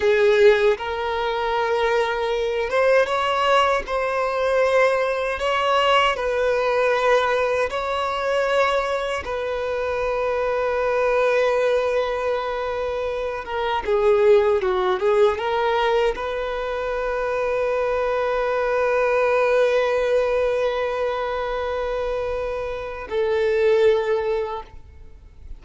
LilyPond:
\new Staff \with { instrumentName = "violin" } { \time 4/4 \tempo 4 = 78 gis'4 ais'2~ ais'8 c''8 | cis''4 c''2 cis''4 | b'2 cis''2 | b'1~ |
b'4. ais'8 gis'4 fis'8 gis'8 | ais'4 b'2.~ | b'1~ | b'2 a'2 | }